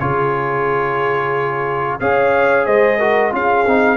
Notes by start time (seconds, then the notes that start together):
0.00 C#3 F4 G#4 C#5
2.00 C#4 G#4 C#5 F5
2.66 G#3 C5 D#5
2.99 F#4 A#4
3.32 C#4 F4 G#4 F5
3.67 C4 D#4